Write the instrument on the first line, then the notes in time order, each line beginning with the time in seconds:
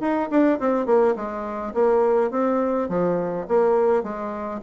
bassoon
0.00 D#4
0.30 D4
0.60 C4
0.86 A#3
1.16 G#3
1.74 A#3
2.31 C4
2.89 F3
3.48 A#3
4.03 G#3